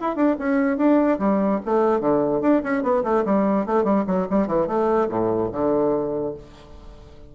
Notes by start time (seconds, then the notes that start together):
0.00 E4
0.15 D4
0.39 C#4
0.77 D4
1.19 G3
1.65 A3
2.00 D3
2.41 D4
2.63 C#4
2.83 B3
3.03 A3
3.25 G3
3.66 A3
3.84 G3
4.06 F#3
4.30 G3
4.47 E3
4.67 A3
5.09 A2
5.51 D3